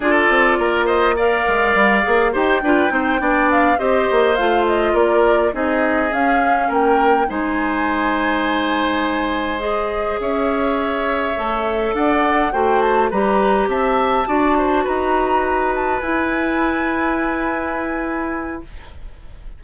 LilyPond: <<
  \new Staff \with { instrumentName = "flute" } { \time 4/4 \tempo 4 = 103 d''4. dis''8 f''2 | g''2 f''8 dis''4 f''8 | dis''8 d''4 dis''4 f''4 g''8~ | g''8 gis''2.~ gis''8~ |
gis''8 dis''4 e''2~ e''8~ | e''8 fis''4 g''8 a''8 ais''4 a''8~ | a''4. ais''4. a''8 gis''8~ | gis''1 | }
  \new Staff \with { instrumentName = "oboe" } { \time 4/4 a'4 ais'8 c''8 d''2 | c''8 b'8 c''8 d''4 c''4.~ | c''8 ais'4 gis'2 ais'8~ | ais'8 c''2.~ c''8~ |
c''4. cis''2~ cis''8~ | cis''8 d''4 c''4 b'4 e''8~ | e''8 d''8 c''8 b'2~ b'8~ | b'1 | }
  \new Staff \with { instrumentName = "clarinet" } { \time 4/4 f'2 ais'4. gis'8 | g'8 f'8 dis'8 d'4 g'4 f'8~ | f'4. dis'4 cis'4.~ | cis'8 dis'2.~ dis'8~ |
dis'8 gis'2. a'8~ | a'4. fis'4 g'4.~ | g'8 fis'2. e'8~ | e'1 | }
  \new Staff \with { instrumentName = "bassoon" } { \time 4/4 d'8 c'8 ais4. gis8 g8 ais8 | dis'8 d'8 c'8 b4 c'8 ais8 a8~ | a8 ais4 c'4 cis'4 ais8~ | ais8 gis2.~ gis8~ |
gis4. cis'2 a8~ | a8 d'4 a4 g4 c'8~ | c'8 d'4 dis'2 e'8~ | e'1 | }
>>